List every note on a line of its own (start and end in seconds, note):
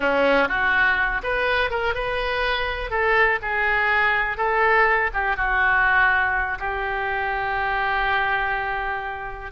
0.00 0.48 C#4
0.48 1.21 F#4
1.23 1.70 B4
1.70 1.94 A#4
1.94 2.90 B4
2.90 3.39 A4
3.42 4.37 G#4
4.37 5.10 A4
5.13 5.36 G4
5.36 6.58 F#4
6.59 9.51 G4